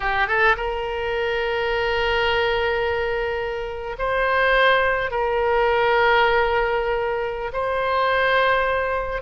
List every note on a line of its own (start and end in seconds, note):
0.00 0.27 G4
0.27 0.56 A4
0.56 3.96 A#4
3.98 5.10 C5
5.10 7.51 A#4
7.52 9.22 C5